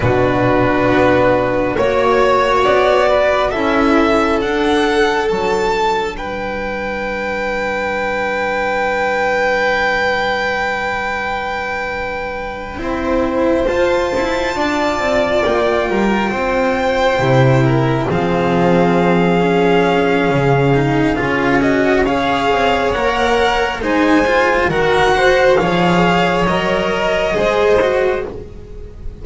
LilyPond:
<<
  \new Staff \with { instrumentName = "violin" } { \time 4/4 \tempo 4 = 68 b'2 cis''4 d''4 | e''4 fis''4 a''4 g''4~ | g''1~ | g''2.~ g''8 a''8~ |
a''4. g''2~ g''8~ | g''8 f''2.~ f''8~ | f''8 dis''8 f''4 fis''4 gis''4 | fis''4 f''4 dis''2 | }
  \new Staff \with { instrumentName = "violin" } { \time 4/4 fis'2 cis''4. b'8 | a'2. b'4~ | b'1~ | b'2~ b'8 c''4.~ |
c''8 d''4. ais'8 c''4. | ais'8 gis'2.~ gis'8~ | gis'4 cis''2 c''4 | ais'8 c''8 cis''2 c''4 | }
  \new Staff \with { instrumentName = "cello" } { \time 4/4 d'2 fis'2 | e'4 d'2.~ | d'1~ | d'2~ d'8 e'4 f'8~ |
f'2.~ f'8 e'8~ | e'8 c'4. cis'4. dis'8 | f'8 fis'8 gis'4 ais'4 dis'8 f'8 | fis'4 gis'4 ais'4 gis'8 fis'8 | }
  \new Staff \with { instrumentName = "double bass" } { \time 4/4 b,4 b4 ais4 b4 | cis'4 d'4 fis4 g4~ | g1~ | g2~ g8 c'4 f'8 |
e'8 d'8 c'8 ais8 g8 c'4 c8~ | c8 f2~ f8 cis4 | cis'4. c'8 ais4 gis4 | dis4 f4 fis4 gis4 | }
>>